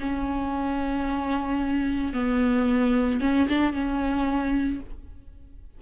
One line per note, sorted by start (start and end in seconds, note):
0.00 2.13 C#4
2.13 3.20 B3
3.20 3.47 C#4
3.49 3.73 D4
3.73 4.80 C#4